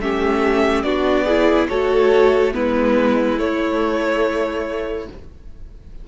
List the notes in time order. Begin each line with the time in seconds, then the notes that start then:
0.00 A3 C#4 G4 E5
0.83 B3 D4 F#4 D5
1.26 E4 G#4
1.68 A3 F#4 A4 C#5
2.53 G#3 B3 E4 B4
3.39 A3 C#5